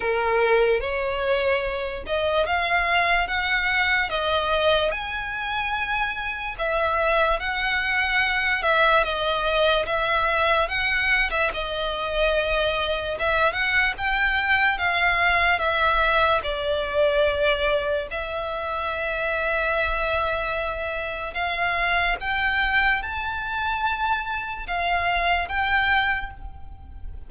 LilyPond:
\new Staff \with { instrumentName = "violin" } { \time 4/4 \tempo 4 = 73 ais'4 cis''4. dis''8 f''4 | fis''4 dis''4 gis''2 | e''4 fis''4. e''8 dis''4 | e''4 fis''8. e''16 dis''2 |
e''8 fis''8 g''4 f''4 e''4 | d''2 e''2~ | e''2 f''4 g''4 | a''2 f''4 g''4 | }